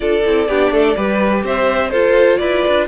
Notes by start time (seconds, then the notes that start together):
0.00 D4 F4 A4 D5
0.25 C4 E4
0.48 B3 D4 G4
0.71 A3 A4
0.96 G3 G4 B4
1.43 C4 C5 E5
1.89 F4 A4 C5
2.37 E4 B4 D5
2.67 D4